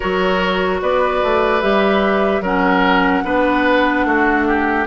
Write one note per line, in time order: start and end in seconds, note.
0.00 0.81 F#3
0.00 1.61 F#4
0.00 0.81 A#4
0.00 0.78 C#5
0.81 1.22 B3
0.81 2.42 B4
0.81 1.61 D5
1.23 1.62 A3
1.61 2.41 G3
1.61 2.42 G4
1.61 2.42 E5
2.41 3.22 F#3
2.41 3.24 C#4
2.41 3.23 A#4
2.41 4.86 F#5
3.24 4.05 B3
3.24 4.86 D4
3.24 4.05 B4
4.05 4.86 A3
4.05 4.47 F#4
4.47 4.86 G4